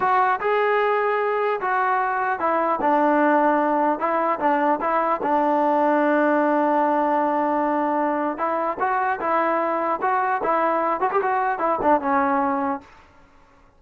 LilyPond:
\new Staff \with { instrumentName = "trombone" } { \time 4/4 \tempo 4 = 150 fis'4 gis'2. | fis'2 e'4 d'4~ | d'2 e'4 d'4 | e'4 d'2.~ |
d'1~ | d'4 e'4 fis'4 e'4~ | e'4 fis'4 e'4. fis'16 g'16 | fis'4 e'8 d'8 cis'2 | }